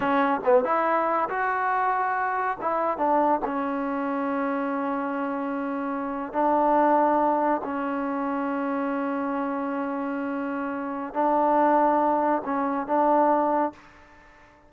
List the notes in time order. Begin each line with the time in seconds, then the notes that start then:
0.00 C#4
0.44 B3
0.64 E4
1.29 F#4
2.61 E4
2.97 D4
3.44 C#4
6.32 D4
7.64 C#4
11.13 D4
12.44 C#4
12.86 D4